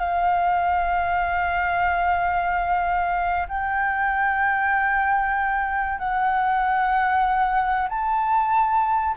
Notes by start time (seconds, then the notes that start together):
0.00 F5
3.49 G5
5.99 F#5
7.89 A5